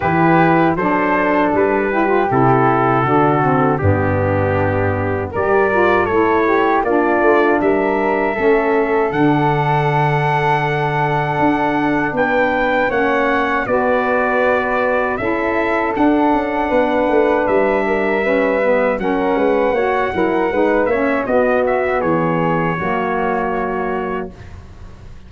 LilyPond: <<
  \new Staff \with { instrumentName = "trumpet" } { \time 4/4 \tempo 4 = 79 b'4 c''4 b'4 a'4~ | a'4 g'2 d''4 | cis''4 d''4 e''2 | fis''1 |
g''4 fis''4 d''2 | e''4 fis''2 e''4~ | e''4 fis''2~ fis''8 e''8 | dis''8 e''8 cis''2. | }
  \new Staff \with { instrumentName = "flute" } { \time 4/4 g'4 a'4. g'4. | fis'4 d'2 ais'4 | a'8 g'8 f'4 ais'4 a'4~ | a'1 |
b'4 cis''4 b'2 | a'2 b'4. ais'8 | b'4 ais'8 b'8 cis''8 ais'8 b'8 cis''8 | fis'4 gis'4 fis'2 | }
  \new Staff \with { instrumentName = "saxophone" } { \time 4/4 e'4 d'4. e'16 f'16 e'4 | d'8 c'8 b2 g'8 f'8 | e'4 d'2 cis'4 | d'1~ |
d'4 cis'4 fis'2 | e'4 d'2. | cis'8 b8 cis'4 fis'8 e'8 dis'8 cis'8 | b2 ais2 | }
  \new Staff \with { instrumentName = "tuba" } { \time 4/4 e4 fis4 g4 c4 | d4 g,2 g4 | a4 ais8 a8 g4 a4 | d2. d'4 |
b4 ais4 b2 | cis'4 d'8 cis'8 b8 a8 g4~ | g4 fis8 gis8 ais8 fis8 gis8 ais8 | b4 e4 fis2 | }
>>